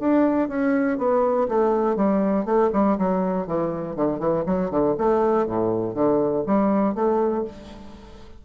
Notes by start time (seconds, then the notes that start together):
0.00 D4
0.49 C#4
0.98 B3
1.49 A3
1.97 G3
2.45 A3
2.73 G3
2.98 F#3
3.47 E3
3.96 D3
4.20 E3
4.47 F#3
4.71 D3
4.99 A3
5.47 A2
5.95 D3
6.47 G3
6.95 A3